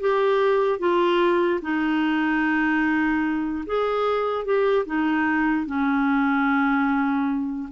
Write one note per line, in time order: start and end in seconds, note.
0.00 0.79 G4
0.79 1.60 F4
1.61 3.64 D#4
3.66 4.45 G#4
4.45 4.85 G4
4.85 5.66 D#4
5.66 7.69 C#4